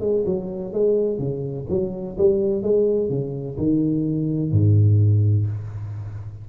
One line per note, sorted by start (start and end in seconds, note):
0.00 0.24 G#3
0.26 0.73 F#3
0.73 1.18 G#3
1.18 1.66 C#3
1.69 2.17 F#3
2.17 2.63 G3
2.63 3.09 G#3
3.09 3.56 C#3
3.57 4.51 D#3
4.51 5.47 G#2